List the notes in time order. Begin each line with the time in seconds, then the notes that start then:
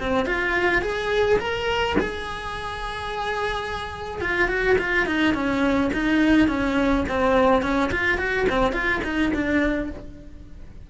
0.00 C4
0.26 F4
0.82 G#4
1.39 A#4
1.99 G#4
4.21 F4
4.48 F#4
4.79 F4
5.07 D#4
5.34 C#4
5.94 D#4
6.48 C#4
7.09 C4
7.63 C#4
7.92 F4
8.18 F#4
8.50 C4
8.73 F4
9.04 D#4
9.34 D4